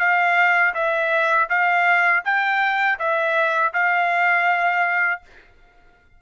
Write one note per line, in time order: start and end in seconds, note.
0.00 0.74 F5
0.75 1.49 E5
1.50 2.24 F5
2.25 2.99 G5
3.00 3.74 E5
3.74 5.22 F5